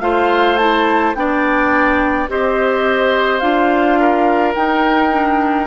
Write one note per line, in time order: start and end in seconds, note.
0.00 1.14 A3
0.00 0.58 F4
0.00 1.16 C5
0.00 0.57 F5
0.57 1.15 E4
0.57 1.13 A5
1.15 2.28 B3
1.15 2.29 D4
1.15 2.30 D5
1.15 2.28 G5
2.29 3.41 C4
2.29 3.41 G4
2.29 4.00 C5
2.29 3.40 D#5
3.40 4.54 D4
3.40 4.54 F4
3.40 4.53 F5
4.00 5.67 A#4
4.54 5.12 D#4
4.54 5.67 D#4
4.54 5.67 G5
5.12 5.67 D4